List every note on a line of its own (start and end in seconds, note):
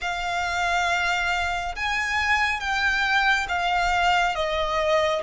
0.01 1.75 F5
1.75 2.60 G#5
2.60 3.47 G5
3.48 4.35 F5
4.35 5.22 D#5